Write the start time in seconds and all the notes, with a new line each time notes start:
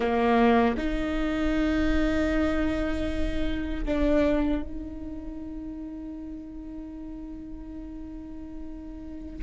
0.00 A#3
0.77 D#4
3.85 D4
4.62 D#4